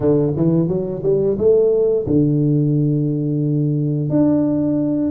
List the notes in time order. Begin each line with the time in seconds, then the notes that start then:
0.00 D3
0.36 E3
0.68 F#3
1.03 G3
1.38 A3
2.06 D3
4.09 D4